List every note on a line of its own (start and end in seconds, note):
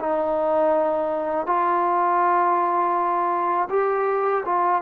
0.00 1.46 D#4
1.46 3.68 F4
3.70 4.44 G4
4.45 4.82 F4